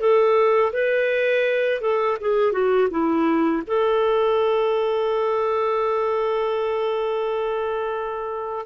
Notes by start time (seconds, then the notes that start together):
0.00 A4
0.73 B4
1.81 A4
2.20 G#4
2.52 F#4
2.90 E4
3.67 A4